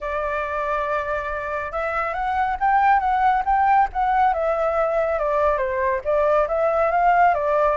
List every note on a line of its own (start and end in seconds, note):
0.00 1.72 D5
1.72 2.13 E5
2.13 2.56 F#5
2.60 2.99 G5
2.99 3.42 F#5
3.45 3.88 G5
3.92 4.33 F#5
4.33 5.18 E5
5.18 5.57 D5
5.57 6.01 C5
6.04 6.47 D5
6.48 6.91 E5
6.91 7.34 F5
7.34 7.76 D5